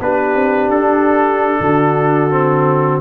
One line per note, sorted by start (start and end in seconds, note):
0.00 0.35 B3
0.00 2.31 D4
0.00 1.62 G4
0.00 0.70 B4
0.35 0.70 C4
0.70 1.59 D4
0.70 3.01 A4
1.60 3.01 D3
1.60 3.01 F#4
2.31 3.01 C4